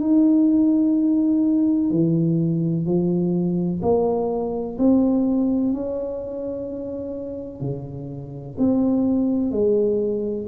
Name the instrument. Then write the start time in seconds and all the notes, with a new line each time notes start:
tuba
0.00 D#4
1.90 E3
2.86 F3
3.82 A#3
4.78 C4
5.73 C#4
7.61 C#3
8.58 C4
9.51 G#3